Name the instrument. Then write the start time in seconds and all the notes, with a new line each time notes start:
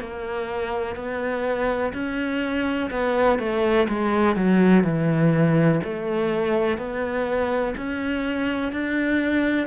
cello
0.00 A#3
0.96 B3
1.94 C#4
2.91 B3
3.39 A3
3.89 G#3
4.36 F#3
4.84 E3
5.84 A3
6.78 B3
7.77 C#4
8.72 D4